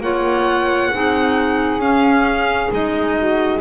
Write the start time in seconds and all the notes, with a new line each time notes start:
0.00 A#3 F4 C#5 F#5
0.91 C4 D#4 G#4
1.79 C#4 F5
2.71 G#3 D#4 D#5
3.18 F#4